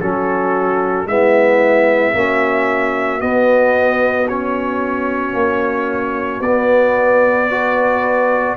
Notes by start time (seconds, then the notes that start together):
0.00 F#3 C#4 F#4 A4
1.06 G#3 B3 E4 E5
2.13 A#3 C#4 F#4
3.19 B3 D#5
4.28 C#4 C#5
5.34 A#3
6.40 B3 D5
7.50 F#4 B4